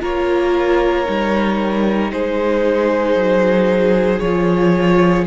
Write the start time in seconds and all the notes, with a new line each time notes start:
0.00 A#3 F4 A#4 C#5
1.05 G3 D#4
2.11 G#3 G#4 C5
3.15 F#3
4.19 F3 F4 C#5